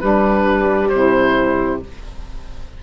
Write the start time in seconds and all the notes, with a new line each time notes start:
0.00 G3 D4 B4
0.88 C3 E4 C5